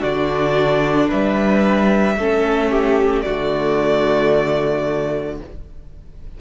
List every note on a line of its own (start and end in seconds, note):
0.00 1.11 D3
0.00 2.14 D4
0.00 1.08 F#4
0.00 1.10 D5
1.08 2.17 G3
1.08 2.16 B4
1.08 3.22 E5
2.17 3.24 A3
2.17 3.26 C#4
2.17 2.71 A4
2.71 3.25 G4
3.22 5.41 D3
3.22 5.40 A3
3.22 5.39 F#4
3.22 5.36 D5